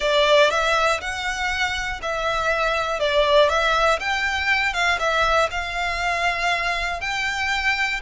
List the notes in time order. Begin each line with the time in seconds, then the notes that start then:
0.00 D5
0.50 E5
1.00 F#5
2.01 E5
2.99 D5
3.49 E5
3.99 G5
4.73 F5
4.99 E5
5.50 F5
7.00 G5